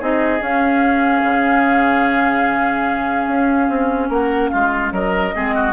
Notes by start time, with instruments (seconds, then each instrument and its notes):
0.00 bassoon C4, clarinet D#4, oboe G#4, flute D#5
0.39 clarinet C#4, bassoon C#4, flute F5
1.23 bassoon C#3
3.27 bassoon C#4
3.68 bassoon C4
4.09 bassoon A#3, oboe A#4, flute F#5
4.49 bassoon G#3, oboe F4, flute F5
4.92 bassoon F#3, oboe A#4, flute D#5
5.34 bassoon G#3, clarinet C4, oboe G#4
5.55 oboe F#4